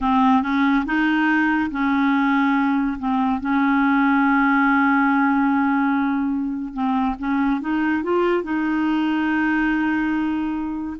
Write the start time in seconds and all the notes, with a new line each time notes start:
0.00 C4
0.42 C#4
0.85 D#4
1.70 C#4
2.98 C4
3.40 C#4
6.73 C4
7.18 C#4
7.61 D#4
8.03 F4
8.43 D#4